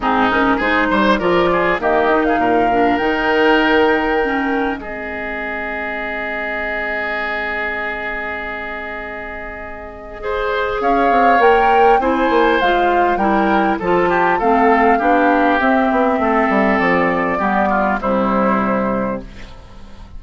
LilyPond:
<<
  \new Staff \with { instrumentName = "flute" } { \time 4/4 \tempo 4 = 100 gis'8 ais'8 c''4 d''4 dis''8. f''16~ | f''4 g''2. | dis''1~ | dis''1~ |
dis''2 f''4 g''4 | gis''4 f''4 g''4 a''4 | f''2 e''2 | d''2 c''2 | }
  \new Staff \with { instrumentName = "oboe" } { \time 4/4 dis'4 gis'8 c''8 ais'8 gis'8 g'8. gis'16 | ais'1 | gis'1~ | gis'1~ |
gis'4 c''4 cis''2 | c''2 ais'4 a'8 g'8 | a'4 g'2 a'4~ | a'4 g'8 f'8 e'2 | }
  \new Staff \with { instrumentName = "clarinet" } { \time 4/4 c'8 cis'8 dis'4 f'4 ais8 dis'8~ | dis'8 d'8 dis'2 cis'4 | c'1~ | c'1~ |
c'4 gis'2 ais'4 | e'4 f'4 e'4 f'4 | c'4 d'4 c'2~ | c'4 b4 g2 | }
  \new Staff \with { instrumentName = "bassoon" } { \time 4/4 gis,4 gis8 g8 f4 dis4 | ais,4 dis2. | gis1~ | gis1~ |
gis2 cis'8 c'8 ais4 | c'8 ais8 gis4 g4 f4 | a4 b4 c'8 b8 a8 g8 | f4 g4 c2 | }
>>